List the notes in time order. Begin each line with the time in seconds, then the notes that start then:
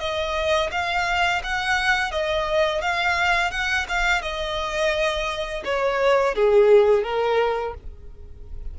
0.00 D#5
0.72 F5
1.43 F#5
2.12 D#5
2.81 F5
3.51 F#5
3.89 F5
4.22 D#5
5.65 C#5
6.35 G#4
7.04 A#4